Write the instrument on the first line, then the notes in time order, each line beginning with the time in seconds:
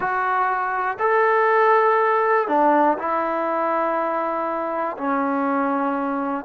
trombone
0.00 F#4
0.99 A4
2.48 D4
2.98 E4
4.97 C#4